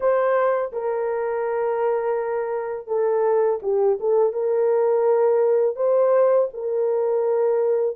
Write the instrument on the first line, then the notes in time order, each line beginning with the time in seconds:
horn
0.00 C5
0.72 A#4
2.87 A4
3.62 G4
4.00 A4
4.32 A#4
5.76 C5
6.53 A#4